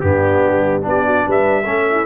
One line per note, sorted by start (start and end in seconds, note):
0.00 0.43 G2
0.00 0.82 B3
0.00 0.86 D4
0.00 0.82 G4
0.47 0.85 G3
0.82 1.26 B3
0.82 1.64 D4
0.82 1.05 G4
0.89 1.30 D5
1.05 1.26 F#4
1.26 1.67 G3
1.26 1.64 B4
1.26 2.06 E5
1.64 2.06 A3
1.64 2.06 C#4
1.64 1.84 A4
1.91 2.06 E4